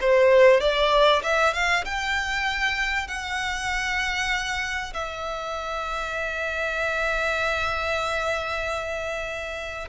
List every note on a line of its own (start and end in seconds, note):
0.00 0.60 C5
0.60 1.22 D5
1.23 1.53 E5
1.53 1.84 F5
1.84 3.07 G5
3.07 4.93 F#5
4.93 9.88 E5